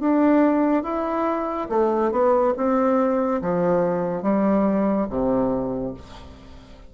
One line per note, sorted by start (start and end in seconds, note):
0.00 0.83 D4
0.83 1.67 E4
1.69 2.11 A3
2.11 2.54 B3
2.57 3.41 C4
3.41 4.22 F3
4.22 5.06 G3
5.09 5.94 C3